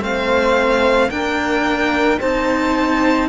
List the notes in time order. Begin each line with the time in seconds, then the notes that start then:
0.00 A3 C4 C5 F5
1.10 A#3 D4 A#4 G5
2.19 C4 D#4 C5 A5